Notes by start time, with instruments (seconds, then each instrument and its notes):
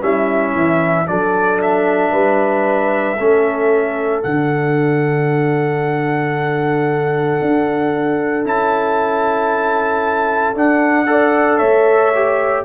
0.00 tuba G3, trombone C#4, horn E4, trumpet E5
0.55 tuba E3
1.06 tuba F#3, trombone D4, horn A4, trumpet D5
1.62 trumpet E5
2.11 tuba G3, horn B4
3.18 tuba A3, trombone C#4, horn A4
4.23 tuba D3, trombone D4, trumpet F#5
7.41 tuba D4
8.44 tuba C#4, trombone E4, trumpet A5
10.54 tuba D4, trombone D4, trumpet F#5
11.06 trombone A4, horn D5
11.57 tuba A3, horn C#5, trumpet E5
12.15 trombone G4